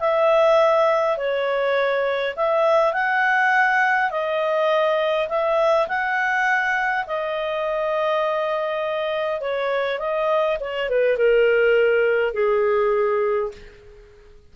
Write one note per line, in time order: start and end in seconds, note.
0.00 1.18 E5
1.18 2.35 C#5
2.36 2.94 E5
2.94 4.11 F#5
4.11 5.28 D#5
5.29 5.88 E5
5.88 7.06 F#5
7.07 9.41 D#5
9.41 9.99 C#5
9.99 10.58 D#5
10.60 10.89 C#5
10.89 11.17 B4
11.17 12.34 A#4
12.34 13.52 G#4